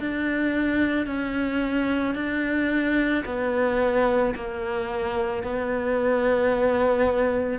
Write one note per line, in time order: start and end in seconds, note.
0.00 1.07 D4
1.07 2.15 C#4
2.15 3.24 D4
3.26 4.35 B3
4.36 5.43 A#3
5.43 7.60 B3